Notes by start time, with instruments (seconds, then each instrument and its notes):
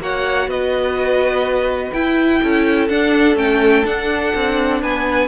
0.00 cello A#3, viola F#4, violin C#5 F#5
0.47 cello B3, violin B4 D#5
1.93 cello E4, viola E4, violin G5
2.42 cello C#4, violin A4
2.89 cello D4, viola D4, violin F#5
3.36 cello A3, viola C#4, violin G5
3.85 viola D4, cello D4, violin F#5
4.35 cello C4
4.82 cello B3, violin B4 G#5